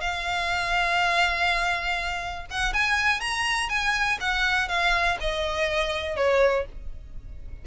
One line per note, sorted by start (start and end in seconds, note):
0.00 2.46 F5
2.50 2.73 F#5
2.73 3.20 G#5
3.20 3.69 A#5
3.69 4.18 G#5
4.20 4.68 F#5
4.68 5.17 F5
5.20 6.16 D#5
6.16 6.65 C#5